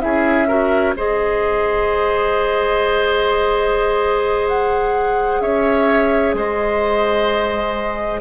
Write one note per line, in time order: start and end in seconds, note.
0.00 0.95 C#4
0.00 0.47 E4
0.00 0.48 G#4
0.00 0.94 E5
0.48 0.95 F#4
0.48 0.95 A#4
0.95 5.40 G#3
0.95 8.21 G#4
0.95 5.42 C5
0.95 4.48 D#5
4.48 5.41 F#5
5.40 6.34 C#4
5.40 6.36 C#5
5.40 6.35 E5
6.34 8.21 G#3
6.34 8.21 C5
6.34 8.21 D#5